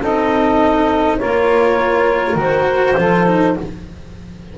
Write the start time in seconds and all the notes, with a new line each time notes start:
0.00 C4 D#4 A4 D#5
1.18 A#3 F4 A#4 C#5
2.35 D#3 F#4 C5
2.97 F3 F4 A4
3.26 D#4